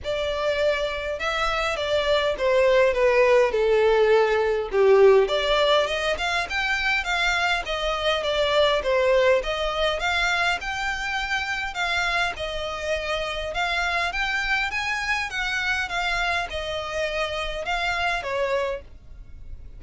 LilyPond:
\new Staff \with { instrumentName = "violin" } { \time 4/4 \tempo 4 = 102 d''2 e''4 d''4 | c''4 b'4 a'2 | g'4 d''4 dis''8 f''8 g''4 | f''4 dis''4 d''4 c''4 |
dis''4 f''4 g''2 | f''4 dis''2 f''4 | g''4 gis''4 fis''4 f''4 | dis''2 f''4 cis''4 | }